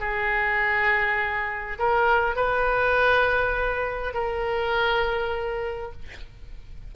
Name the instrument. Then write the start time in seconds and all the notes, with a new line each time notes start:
oboe
0.00 G#4
1.79 A#4
2.36 B4
4.14 A#4